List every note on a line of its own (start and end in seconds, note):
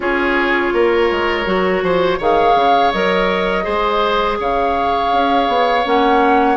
0.00 0.71 C#4
0.00 1.46 F4
0.00 0.74 G#4
0.00 2.20 C#5
0.73 1.10 A#3
0.73 1.84 A#4
1.11 1.46 G#3
1.46 1.82 F#3
1.46 2.19 F#4
1.82 2.19 F3
1.82 2.18 C5
2.18 2.55 D#3
2.18 2.93 G#4
2.18 3.64 C#5
2.18 2.92 F5
2.55 2.91 C#3
2.92 3.66 F#3
2.92 3.63 A#4
2.92 4.38 D#5
3.63 4.39 G#3
3.63 5.82 G#4
3.63 4.37 C5
4.39 5.12 C#3
4.39 6.57 C#5
4.39 5.86 F5
5.12 5.47 C#4
5.47 5.84 B3
5.85 6.57 A#3
5.85 6.57 C#4
5.85 6.57 F#5